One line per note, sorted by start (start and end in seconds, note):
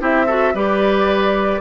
0.00 0.54 C4
0.00 0.27 E4
0.00 0.26 G4
0.00 0.56 E5
0.26 0.54 F#4
0.26 0.53 A4
0.54 1.61 G3
0.54 1.61 G4
0.54 1.61 B4
0.54 1.61 D5